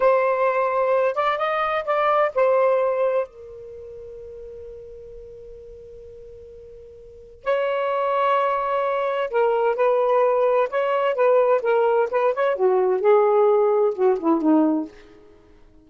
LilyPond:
\new Staff \with { instrumentName = "saxophone" } { \time 4/4 \tempo 4 = 129 c''2~ c''8 d''8 dis''4 | d''4 c''2 ais'4~ | ais'1~ | ais'1 |
cis''1 | ais'4 b'2 cis''4 | b'4 ais'4 b'8 cis''8 fis'4 | gis'2 fis'8 e'8 dis'4 | }